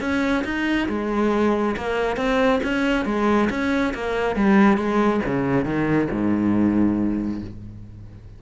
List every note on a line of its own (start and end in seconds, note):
0.00 0.43 C#4
0.44 0.88 D#4
0.89 1.75 G#3
1.76 2.17 A#3
2.17 2.60 C4
2.63 3.05 C#4
3.05 3.49 G#3
3.50 3.93 C#4
3.94 4.36 A#3
4.36 4.77 G3
4.77 5.21 G#3
5.26 5.65 C#3
5.65 6.08 D#3
6.11 7.41 G#2